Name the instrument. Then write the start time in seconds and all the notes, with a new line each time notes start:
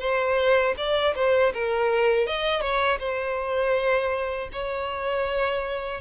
violin
0.00 C5
0.77 D5
1.16 C5
1.54 A#4
2.27 D#5
2.61 C#5
2.99 C5
4.53 C#5